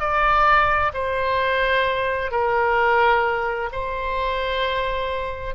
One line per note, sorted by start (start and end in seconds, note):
0.00 0.92 D5
0.94 2.31 C5
2.31 3.70 A#4
3.73 5.55 C5